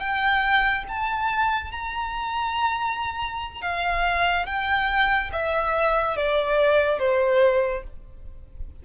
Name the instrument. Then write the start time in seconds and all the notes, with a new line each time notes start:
violin
0.00 G5
0.89 A5
1.72 A#5
3.62 F5
4.46 G5
5.33 E5
6.17 D5
6.99 C5